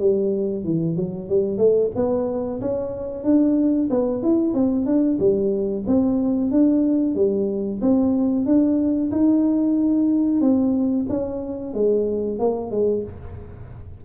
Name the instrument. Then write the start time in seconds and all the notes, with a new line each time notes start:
tuba
0.00 G3
0.65 E3
0.97 F#3
1.30 G3
1.58 A3
1.96 B3
2.61 C#4
3.24 D4
3.91 B3
4.23 E4
4.54 C4
4.86 D4
5.20 G3
5.87 C4
6.52 D4
7.15 G3
7.82 C4
8.46 D4
9.12 D#4
10.42 C4
11.10 C#4
11.75 G#3
12.40 A#3
12.71 G#3